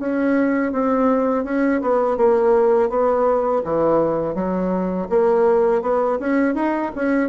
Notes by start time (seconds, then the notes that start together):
0.00 C#4
0.73 C4
1.45 C#4
1.82 B3
2.18 A#3
2.90 B3
3.65 E3
4.35 F#3
5.10 A#3
5.82 B3
6.20 C#4
6.55 D#4
6.96 C#4